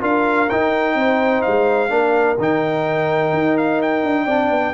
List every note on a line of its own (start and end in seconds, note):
0.00 0.49 D4
0.00 0.47 F4
0.00 0.95 A#4
0.00 0.49 F5
0.49 0.95 D#4
0.49 1.89 D#4
0.49 1.42 G5
0.95 1.42 C4
0.95 1.92 C5
1.42 1.90 G#3
1.42 2.36 F5
1.89 2.37 A#3
1.89 2.36 D4
1.89 4.25 A#4
2.38 3.32 D#3
2.38 4.28 D#4
2.38 3.57 G5
3.32 4.03 D#4
3.57 3.81 F5
3.82 4.73 G5
4.03 4.26 D4
4.25 4.50 C4
4.25 4.73 D4
4.25 4.72 D5
4.50 4.73 B3